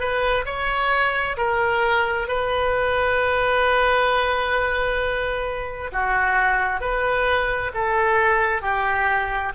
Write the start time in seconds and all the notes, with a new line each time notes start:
0.00 B4
0.46 C#5
1.37 A#4
2.28 B4
5.93 F#4
6.81 B4
7.74 A4
8.62 G4